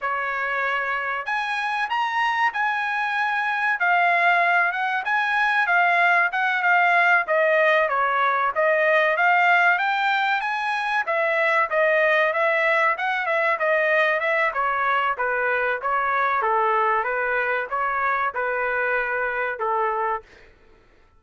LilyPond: \new Staff \with { instrumentName = "trumpet" } { \time 4/4 \tempo 4 = 95 cis''2 gis''4 ais''4 | gis''2 f''4. fis''8 | gis''4 f''4 fis''8 f''4 dis''8~ | dis''8 cis''4 dis''4 f''4 g''8~ |
g''8 gis''4 e''4 dis''4 e''8~ | e''8 fis''8 e''8 dis''4 e''8 cis''4 | b'4 cis''4 a'4 b'4 | cis''4 b'2 a'4 | }